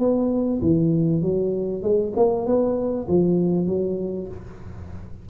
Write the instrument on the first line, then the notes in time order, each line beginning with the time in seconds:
tuba
0.00 B3
0.62 E3
1.22 F#3
1.83 G#3
2.17 A#3
2.47 B3
3.08 F3
3.67 F#3